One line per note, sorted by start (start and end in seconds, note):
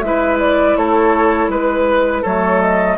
0.00 0.75 G#3
0.00 2.25 E4
0.00 0.78 B4
0.00 0.37 E5
0.40 0.76 D5
0.76 1.48 A3
0.76 1.50 A4
0.76 1.50 C#5
1.48 2.23 G#3
1.48 2.22 B4
1.48 2.24 B4
2.22 2.98 F#3
2.22 2.98 A3
2.22 2.96 A4
2.22 2.61 C#5
2.61 2.98 D#5